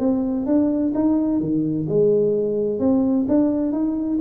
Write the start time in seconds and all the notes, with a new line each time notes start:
0.00 C4
0.47 D4
0.95 D#4
1.41 D#3
1.89 G#3
2.80 C4
3.29 D4
3.73 D#4